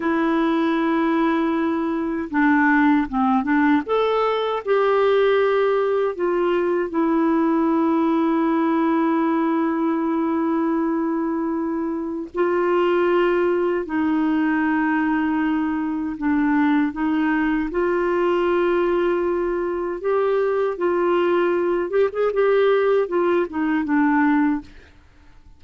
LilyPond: \new Staff \with { instrumentName = "clarinet" } { \time 4/4 \tempo 4 = 78 e'2. d'4 | c'8 d'8 a'4 g'2 | f'4 e'2.~ | e'1 |
f'2 dis'2~ | dis'4 d'4 dis'4 f'4~ | f'2 g'4 f'4~ | f'8 g'16 gis'16 g'4 f'8 dis'8 d'4 | }